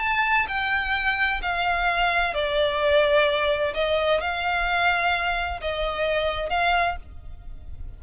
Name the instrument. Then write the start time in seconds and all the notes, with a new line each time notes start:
violin
0.00 A5
0.48 G5
1.42 F5
2.34 D5
3.74 D#5
4.21 F5
5.61 D#5
6.50 F5